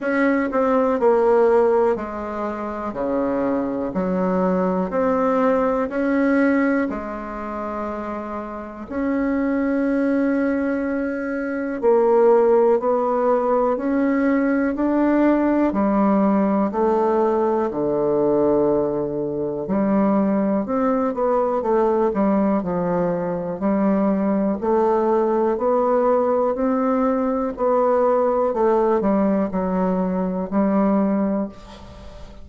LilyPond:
\new Staff \with { instrumentName = "bassoon" } { \time 4/4 \tempo 4 = 61 cis'8 c'8 ais4 gis4 cis4 | fis4 c'4 cis'4 gis4~ | gis4 cis'2. | ais4 b4 cis'4 d'4 |
g4 a4 d2 | g4 c'8 b8 a8 g8 f4 | g4 a4 b4 c'4 | b4 a8 g8 fis4 g4 | }